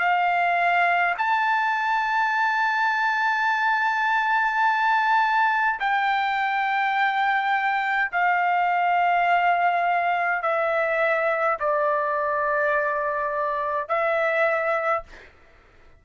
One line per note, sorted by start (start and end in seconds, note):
0.00 1.15 F5
1.19 5.80 A5
5.80 8.11 G5
8.12 10.43 F5
10.43 11.58 E5
11.60 13.89 D5
13.89 15.04 E5